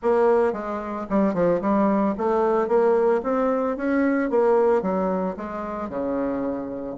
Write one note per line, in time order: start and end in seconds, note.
0.02 0.53 A#3
0.53 1.06 G#3
1.09 1.33 G3
1.33 1.60 F3
1.61 2.14 G3
2.17 2.67 A3
2.67 3.21 A#3
3.23 3.76 C4
3.76 4.30 C#4
4.30 4.82 A#3
4.82 5.35 F#3
5.36 5.89 G#3
5.89 6.96 C#3